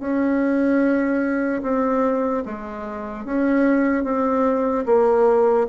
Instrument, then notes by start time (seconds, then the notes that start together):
bassoon
0.00 C#4
1.63 C4
2.46 G#3
3.25 C#4
4.04 C4
4.86 A#3